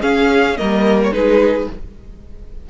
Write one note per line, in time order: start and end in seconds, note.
0.00 0.56 C#4
0.00 0.59 C#4
0.00 0.57 G#4
0.00 0.57 F5
0.57 1.11 G3
0.57 1.12 A#3
0.57 1.13 A#4
0.57 0.99 D#5
1.03 1.13 C#5
1.11 1.67 G#3
1.11 1.68 D#4
1.11 1.70 G#4
1.11 1.69 B4